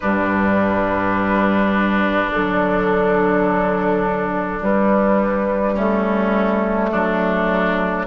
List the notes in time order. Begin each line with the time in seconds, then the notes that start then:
0.00 G2 G3 D4 B4
2.31 D3 F#3 A4
4.60 G3 B4
5.74 A3 C#4 A4
6.91 F#3 D4